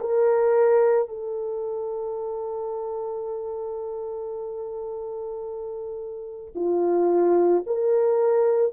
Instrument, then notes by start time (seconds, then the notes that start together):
horn
0.00 A#4
1.09 A4
6.55 F4
7.67 A#4